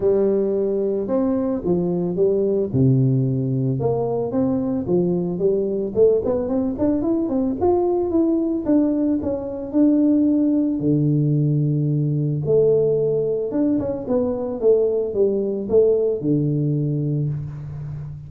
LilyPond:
\new Staff \with { instrumentName = "tuba" } { \time 4/4 \tempo 4 = 111 g2 c'4 f4 | g4 c2 ais4 | c'4 f4 g4 a8 b8 | c'8 d'8 e'8 c'8 f'4 e'4 |
d'4 cis'4 d'2 | d2. a4~ | a4 d'8 cis'8 b4 a4 | g4 a4 d2 | }